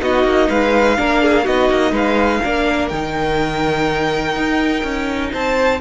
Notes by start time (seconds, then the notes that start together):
0.00 B3 D#4 F#4 D#5
0.24 A#3
0.49 G#3 B4 F5
0.97 A#3 D4 A#4
1.22 G#4
1.44 B3 D#4 F#4 D#5
1.70 A#3
1.91 G#3 B4 F5
2.42 A#3 D4 A#4
2.88 D#3 D#4 G5
4.35 D#4
4.83 C#4
5.32 C4 C5 A5